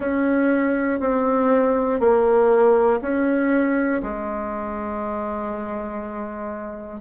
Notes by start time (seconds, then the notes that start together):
0.00 C#4
1.00 C4
2.00 A#3
3.01 C#4
4.02 G#3